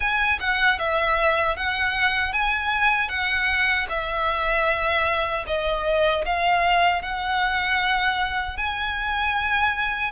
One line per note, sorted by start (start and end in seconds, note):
0.00 0.39 G#5
0.39 0.78 F#5
0.78 1.56 E5
1.56 2.32 F#5
2.32 3.08 G#5
3.08 3.86 F#5
3.89 5.44 E5
5.47 6.24 D#5
6.25 7.02 F5
7.02 8.57 F#5
8.57 10.11 G#5